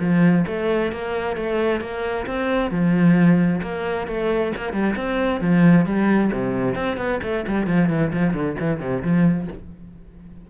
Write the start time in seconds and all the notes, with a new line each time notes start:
0.00 F3
0.47 A3
0.92 A#3
1.36 A3
1.81 A#3
2.26 C4
2.71 F3
3.62 A#3
4.07 A3
4.57 A#3
4.73 G3
4.96 C4
5.41 F3
5.86 G3
6.32 C3
6.75 C4
6.97 B3
7.23 A3
7.47 G3
7.67 F3
7.89 E3
8.13 F3
8.33 D3
8.60 E3
8.80 C3
9.03 F3